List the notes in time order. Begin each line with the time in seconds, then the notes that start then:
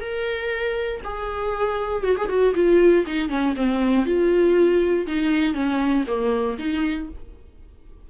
0.00 A#4
1.04 G#4
2.03 F#4
2.17 G#4
2.28 F#4
2.54 F4
3.06 D#4
3.29 C#4
3.55 C4
4.05 F4
5.06 D#4
5.54 C#4
6.07 A#3
6.58 D#4